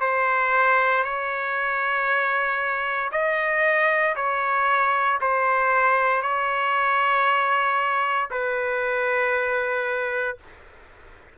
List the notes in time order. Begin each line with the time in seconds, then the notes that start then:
0.00 C5
1.03 C#5
3.11 D#5
4.15 C#5
5.21 C5
6.22 C#5
8.30 B4